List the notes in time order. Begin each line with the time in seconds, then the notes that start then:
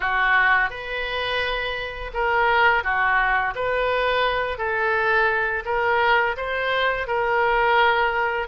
0.00 F#4
0.70 B4
2.13 A#4
2.83 F#4
3.55 B4
4.58 A4
5.65 A#4
6.37 C5
7.07 A#4